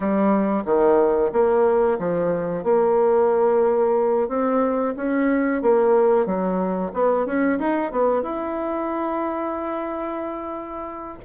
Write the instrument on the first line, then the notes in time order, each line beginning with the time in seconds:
bassoon
0.00 G3
0.65 D#3
1.32 A#3
1.98 F3
2.63 A#3
4.28 C4
4.96 C#4
5.62 A#3
6.25 F#3
6.93 B3
7.25 C#4
7.59 D#4
7.91 B3
8.22 E4